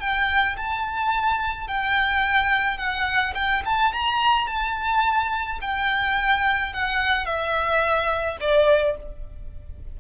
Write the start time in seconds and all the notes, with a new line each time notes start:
0.00 G5
0.57 A5
1.68 G5
2.78 F#5
3.34 G5
3.65 A5
3.93 A#5
4.47 A5
5.62 G5
6.73 F#5
7.26 E5
8.41 D5